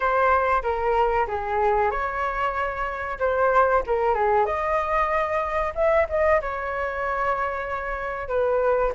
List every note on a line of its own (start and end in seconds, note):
0.00 0.62 C5
0.62 1.26 A#4
1.27 1.90 G#4
1.90 3.18 C#5
3.19 3.83 C5
3.86 4.14 A#4
4.14 4.45 G#4
4.45 5.73 D#5
5.74 6.06 E5
6.09 6.41 D#5
6.41 8.28 C#5
8.28 8.92 B4